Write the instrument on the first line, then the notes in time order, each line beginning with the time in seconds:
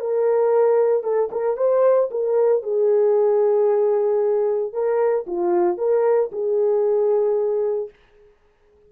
horn
0.00 A#4
1.03 A4
1.31 A#4
1.57 C5
2.11 A#4
2.63 G#4
4.73 A#4
5.27 F4
5.78 A#4
6.32 G#4